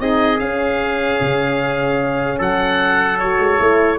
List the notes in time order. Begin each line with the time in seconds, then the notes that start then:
0.00 C4 D#4 G#4 D#5
0.40 C#4 F5
1.21 C#3
2.39 F#3 A4 F#5
3.19 F#4 C#5
3.39 G#3
3.59 A3 E4